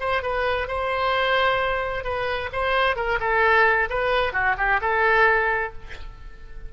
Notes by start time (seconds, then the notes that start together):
0.00 C5
0.22 B4
0.68 C5
2.04 B4
2.52 C5
2.96 A#4
3.20 A4
3.90 B4
4.33 F#4
4.58 G4
4.81 A4